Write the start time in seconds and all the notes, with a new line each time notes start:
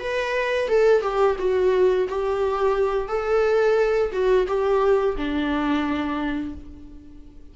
0.00 B4
0.69 A4
1.02 G4
1.39 F#4
2.09 G4
3.08 A4
4.13 F#4
4.48 G4
5.17 D4